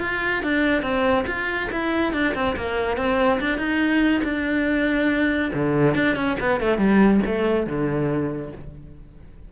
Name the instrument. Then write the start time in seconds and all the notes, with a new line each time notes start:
cello
0.00 F4
0.43 D4
0.82 C4
1.26 F4
1.72 E4
2.13 D4
2.34 C4
2.56 A#3
2.97 C4
3.40 D4
3.57 D#4
4.24 D4
5.54 D3
5.94 D4
6.16 C#4
6.39 B3
6.60 A3
6.78 G3
7.26 A3
7.67 D3